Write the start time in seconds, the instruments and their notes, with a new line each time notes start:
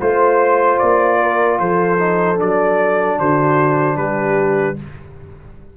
0.00 tuba A3, trombone F4, trumpet C5, horn C5
0.79 tuba A#3, trumpet D5
1.21 horn A#4
1.59 tuba F3, horn A4, trumpet C5
1.99 trombone D#4
2.36 tuba F#3, trombone D4, trumpet D5
3.18 tuba D3, horn F#4, trumpet C5
3.96 tuba G3, horn G4, trumpet B4